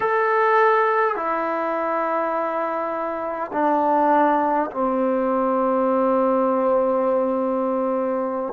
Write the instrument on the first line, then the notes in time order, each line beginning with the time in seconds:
trombone
0.00 A4
1.16 E4
3.52 D4
4.71 C4